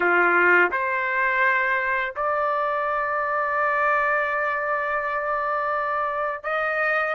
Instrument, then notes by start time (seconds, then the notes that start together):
trumpet
0.00 F4
0.71 C5
2.16 D5
6.43 D#5